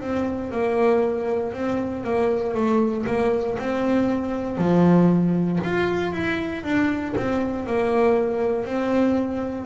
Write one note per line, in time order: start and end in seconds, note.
0.00 0.51 C4
0.51 1.53 A#3
1.53 2.03 C4
2.03 2.54 A#3
2.54 3.05 A3
3.06 3.57 A#3
3.58 4.57 C4
4.57 5.59 F3
5.63 6.12 F4
6.12 6.63 E4
6.63 7.14 D4
7.16 7.66 C4
7.66 8.65 A#3
8.65 9.65 C4